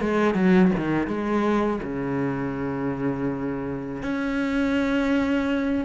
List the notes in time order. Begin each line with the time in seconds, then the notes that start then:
0.00 G#3
0.34 F#3
0.77 D#3
1.06 G#3
1.82 C#3
4.02 C#4